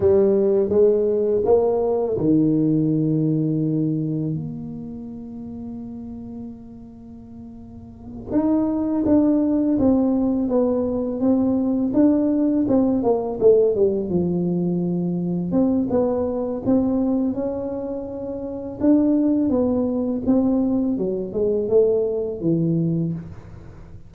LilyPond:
\new Staff \with { instrumentName = "tuba" } { \time 4/4 \tempo 4 = 83 g4 gis4 ais4 dis4~ | dis2 ais2~ | ais2.~ ais8 dis'8~ | dis'8 d'4 c'4 b4 c'8~ |
c'8 d'4 c'8 ais8 a8 g8 f8~ | f4. c'8 b4 c'4 | cis'2 d'4 b4 | c'4 fis8 gis8 a4 e4 | }